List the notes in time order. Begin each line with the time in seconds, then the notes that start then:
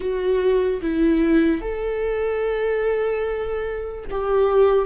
0.00 F#4
0.81 E4
1.61 A4
4.10 G4